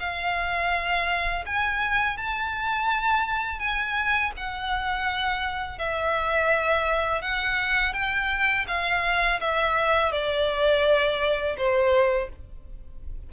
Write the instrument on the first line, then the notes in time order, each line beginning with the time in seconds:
violin
0.00 F5
1.46 G#5
2.18 A5
3.59 G#5
4.37 F#5
5.79 E5
7.22 F#5
7.94 G5
8.68 F5
9.41 E5
10.12 D5
11.57 C5